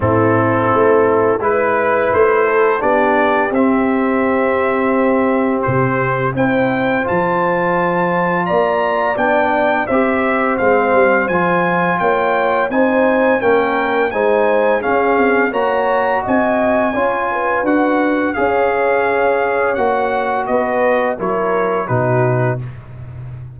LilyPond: <<
  \new Staff \with { instrumentName = "trumpet" } { \time 4/4 \tempo 4 = 85 a'2 b'4 c''4 | d''4 e''2. | c''4 g''4 a''2 | ais''4 g''4 e''4 f''4 |
gis''4 g''4 gis''4 g''4 | gis''4 f''4 ais''4 gis''4~ | gis''4 fis''4 f''2 | fis''4 dis''4 cis''4 b'4 | }
  \new Staff \with { instrumentName = "horn" } { \time 4/4 e'2 b'4. a'8 | g'1~ | g'4 c''2. | d''2 c''2~ |
c''4 cis''4 c''4 ais'4 | c''4 gis'4 cis''4 dis''4 | cis''8 b'4. cis''2~ | cis''4 b'4 ais'4 fis'4 | }
  \new Staff \with { instrumentName = "trombone" } { \time 4/4 c'2 e'2 | d'4 c'2.~ | c'4 e'4 f'2~ | f'4 d'4 g'4 c'4 |
f'2 dis'4 cis'4 | dis'4 cis'4 fis'2 | f'4 fis'4 gis'2 | fis'2 e'4 dis'4 | }
  \new Staff \with { instrumentName = "tuba" } { \time 4/4 a,4 a4 gis4 a4 | b4 c'2. | c4 c'4 f2 | ais4 b4 c'4 gis8 g8 |
f4 ais4 c'4 ais4 | gis4 cis'8 c'8 ais4 c'4 | cis'4 d'4 cis'2 | ais4 b4 fis4 b,4 | }
>>